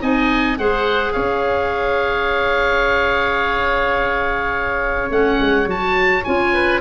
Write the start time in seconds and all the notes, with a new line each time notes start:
0.00 C4 D#4 D#5 G#5
0.58 G#3 G#4 C5 F#5
1.12 C#4 C#5 F5
5.10 A3 C#4 F#5
5.40 G#3
5.66 F#3 F#4 A5
6.24 C#4 F4 G#5
6.53 B4